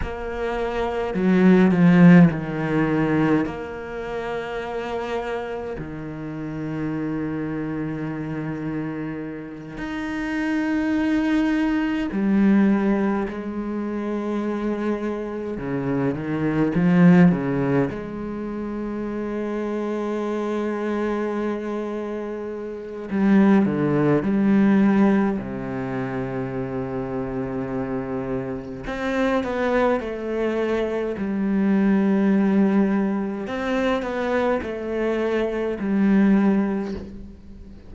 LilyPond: \new Staff \with { instrumentName = "cello" } { \time 4/4 \tempo 4 = 52 ais4 fis8 f8 dis4 ais4~ | ais4 dis2.~ | dis8 dis'2 g4 gis8~ | gis4. cis8 dis8 f8 cis8 gis8~ |
gis1 | g8 d8 g4 c2~ | c4 c'8 b8 a4 g4~ | g4 c'8 b8 a4 g4 | }